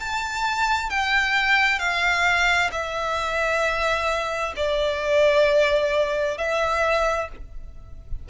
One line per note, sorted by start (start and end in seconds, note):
0.00 0.90 A5
0.90 1.79 G5
1.79 2.70 F5
2.72 4.54 E5
4.57 6.38 D5
6.38 7.29 E5